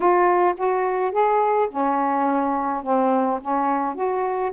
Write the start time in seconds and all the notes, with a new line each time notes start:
0.00 F4
0.57 F#4
1.11 G#4
1.70 C#4
2.83 C4
3.41 C#4
3.94 F#4